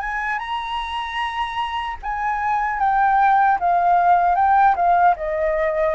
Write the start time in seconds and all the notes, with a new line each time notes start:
0.00 G#5
0.38 A#5
2.02 G#5
2.79 G5
3.60 F5
4.35 G5
4.75 F5
5.16 D#5